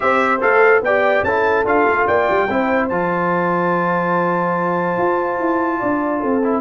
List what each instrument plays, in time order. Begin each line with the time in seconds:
0.00 tuba C4, trombone G4, horn C5, trumpet E5
0.41 tuba A3, trombone A4, trumpet F5
0.81 tuba B3, trombone G4, horn D5, trumpet G5
1.22 tuba C#4, trombone E4, horn A4, trumpet A5
1.64 tuba D4, trombone F4, trumpet F5
1.86 tuba A3
2.06 tuba A#3, horn D5, trumpet G5
2.29 tuba G3
2.49 tuba C4, trombone E4, horn C5
2.88 tuba F3, trombone F4, trumpet A5
4.97 tuba F4
5.38 tuba E4
5.79 tuba D4, horn D5
6.20 tuba C4, horn A4
6.43 trombone E4